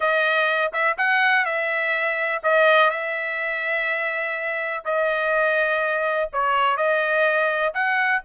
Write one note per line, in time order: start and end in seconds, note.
0.00 0.71 D#5
0.72 0.97 E5
0.97 1.45 F#5
1.45 2.41 E5
2.43 2.90 D#5
2.90 4.84 E5
4.85 6.30 D#5
6.32 6.77 C#5
6.77 7.73 D#5
7.74 8.22 F#5